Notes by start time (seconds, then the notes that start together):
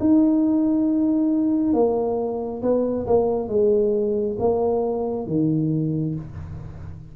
0.00 D#4
1.74 A#3
2.62 B3
3.07 A#3
3.49 G#3
4.39 A#3
5.27 D#3